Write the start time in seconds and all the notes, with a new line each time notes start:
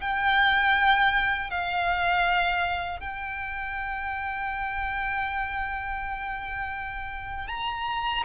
0.00 G5
1.50 F5
2.99 G5
7.48 A#5